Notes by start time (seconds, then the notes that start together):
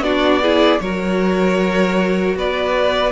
0.00 B3 D4 F#4 D5
0.42 E4 G#4
0.80 F#3 F#4 A#4 C#5
2.35 B3 B4 D5